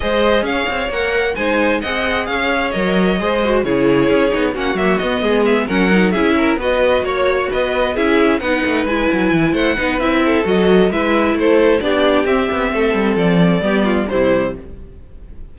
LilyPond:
<<
  \new Staff \with { instrumentName = "violin" } { \time 4/4 \tempo 4 = 132 dis''4 f''4 fis''4 gis''4 | fis''4 f''4 dis''2 | cis''2 fis''8 e''8 dis''4 | e''8 fis''4 e''4 dis''4 cis''8~ |
cis''8 dis''4 e''4 fis''4 gis''8~ | gis''4 fis''4 e''4 dis''4 | e''4 c''4 d''4 e''4~ | e''4 d''2 c''4 | }
  \new Staff \with { instrumentName = "violin" } { \time 4/4 c''4 cis''2 c''4 | dis''4 cis''2 c''4 | gis'2 fis'4. gis'8~ | gis'8 ais'4 gis'8 ais'8 b'4 cis''8~ |
cis''8 b'4 gis'4 b'4.~ | b'4 c''8 b'4 a'4. | b'4 a'4 g'2 | a'2 g'8 f'8 e'4 | }
  \new Staff \with { instrumentName = "viola" } { \time 4/4 gis'2 ais'4 dis'4 | gis'2 ais'4 gis'8 fis'8 | e'4. dis'8 cis'8 ais8 b4~ | b8 cis'8 dis'8 e'4 fis'4.~ |
fis'4. e'4 dis'4 e'8~ | e'4. dis'8 e'4 fis'4 | e'2 d'4 c'4~ | c'2 b4 g4 | }
  \new Staff \with { instrumentName = "cello" } { \time 4/4 gis4 cis'8 c'8 ais4 gis4 | c'4 cis'4 fis4 gis4 | cis4 cis'8 b8 ais8 fis8 b8 gis8~ | gis8 fis4 cis'4 b4 ais8~ |
ais8 b4 cis'4 b8 a8 gis8 | fis8 e8 a8 b8 c'4 fis4 | gis4 a4 b4 c'8 b8 | a8 g8 f4 g4 c4 | }
>>